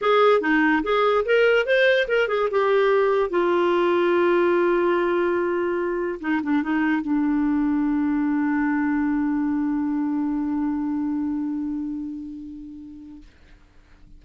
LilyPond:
\new Staff \with { instrumentName = "clarinet" } { \time 4/4 \tempo 4 = 145 gis'4 dis'4 gis'4 ais'4 | c''4 ais'8 gis'8 g'2 | f'1~ | f'2. dis'8 d'8 |
dis'4 d'2.~ | d'1~ | d'1~ | d'1 | }